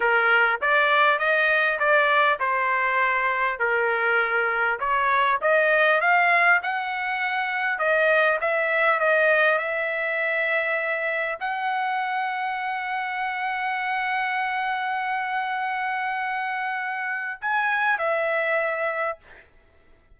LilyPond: \new Staff \with { instrumentName = "trumpet" } { \time 4/4 \tempo 4 = 100 ais'4 d''4 dis''4 d''4 | c''2 ais'2 | cis''4 dis''4 f''4 fis''4~ | fis''4 dis''4 e''4 dis''4 |
e''2. fis''4~ | fis''1~ | fis''1~ | fis''4 gis''4 e''2 | }